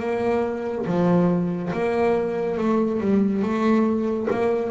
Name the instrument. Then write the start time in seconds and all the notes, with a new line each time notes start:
double bass
0.00 A#3
0.86 F3
1.73 A#3
2.58 A3
3.00 G3
3.42 A3
4.31 A#3